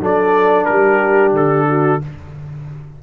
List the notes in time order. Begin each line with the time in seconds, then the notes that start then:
0.00 F#3 D4 A4 D5
0.65 G3 G4 A#4
1.32 D3 A4
1.69 F#4